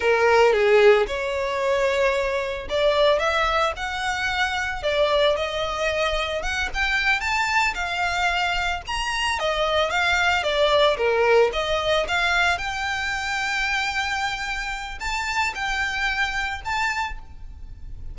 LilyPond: \new Staff \with { instrumentName = "violin" } { \time 4/4 \tempo 4 = 112 ais'4 gis'4 cis''2~ | cis''4 d''4 e''4 fis''4~ | fis''4 d''4 dis''2 | fis''8 g''4 a''4 f''4.~ |
f''8 ais''4 dis''4 f''4 d''8~ | d''8 ais'4 dis''4 f''4 g''8~ | g''1 | a''4 g''2 a''4 | }